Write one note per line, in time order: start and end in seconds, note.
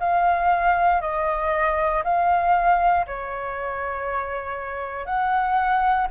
0.00 1.01 F5
1.01 2.03 D#5
2.04 3.06 F5
3.07 5.06 C#5
5.06 6.08 F#5